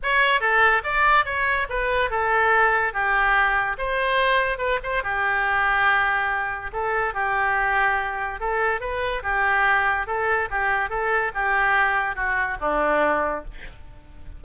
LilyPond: \new Staff \with { instrumentName = "oboe" } { \time 4/4 \tempo 4 = 143 cis''4 a'4 d''4 cis''4 | b'4 a'2 g'4~ | g'4 c''2 b'8 c''8 | g'1 |
a'4 g'2. | a'4 b'4 g'2 | a'4 g'4 a'4 g'4~ | g'4 fis'4 d'2 | }